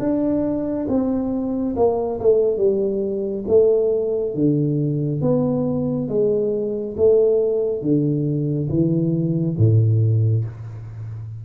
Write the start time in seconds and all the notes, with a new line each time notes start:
0.00 D4
0.89 C4
1.76 A#3
2.21 A3
2.58 G3
3.48 A3
4.35 D3
5.22 B3
6.09 G#3
6.97 A3
7.82 D3
8.70 E3
9.58 A2